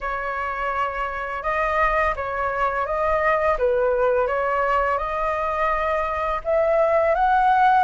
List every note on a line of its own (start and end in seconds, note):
0.00 1.43 C#5
1.43 2.14 D#5
2.16 2.85 C#5
2.85 3.57 D#5
3.58 4.27 B4
4.27 4.98 C#5
4.98 6.41 D#5
6.44 7.14 E5
7.14 7.84 F#5